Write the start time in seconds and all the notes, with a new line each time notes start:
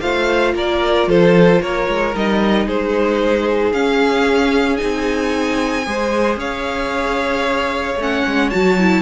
0.00 A3 F4 C5 F5
0.54 A#3 A#4 D5
1.07 F3 A4 C5
1.61 A#3 A#4 C#5
1.88 G#3
2.15 G3 D#4 D#5
2.66 G#3 G#4 C5
3.72 C#4 F5
4.77 D#4 G#5
4.83 C4
5.86 G#3 G#4 C5
6.36 C#4 C#5 F5
7.96 A3 C#4
8.02 F#5
8.26 G#3
8.50 F#3 F#4 A5
8.79 E4